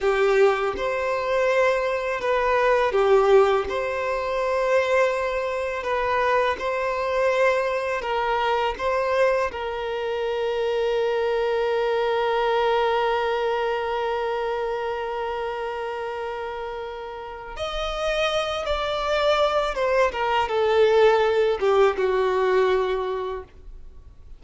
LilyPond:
\new Staff \with { instrumentName = "violin" } { \time 4/4 \tempo 4 = 82 g'4 c''2 b'4 | g'4 c''2. | b'4 c''2 ais'4 | c''4 ais'2.~ |
ais'1~ | ais'1 | dis''4. d''4. c''8 ais'8 | a'4. g'8 fis'2 | }